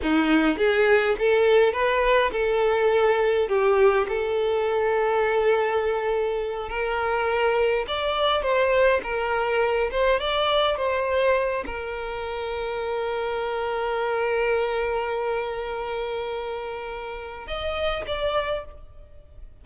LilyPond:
\new Staff \with { instrumentName = "violin" } { \time 4/4 \tempo 4 = 103 dis'4 gis'4 a'4 b'4 | a'2 g'4 a'4~ | a'2.~ a'8 ais'8~ | ais'4. d''4 c''4 ais'8~ |
ais'4 c''8 d''4 c''4. | ais'1~ | ais'1~ | ais'2 dis''4 d''4 | }